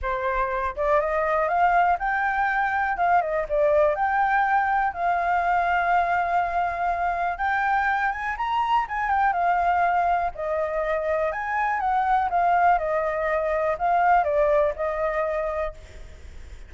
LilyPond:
\new Staff \with { instrumentName = "flute" } { \time 4/4 \tempo 4 = 122 c''4. d''8 dis''4 f''4 | g''2 f''8 dis''8 d''4 | g''2 f''2~ | f''2. g''4~ |
g''8 gis''8 ais''4 gis''8 g''8 f''4~ | f''4 dis''2 gis''4 | fis''4 f''4 dis''2 | f''4 d''4 dis''2 | }